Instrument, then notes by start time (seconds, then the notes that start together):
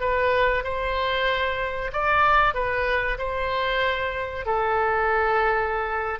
oboe
0.00 B4
0.64 C5
1.92 D5
2.54 B4
3.18 C5
4.46 A4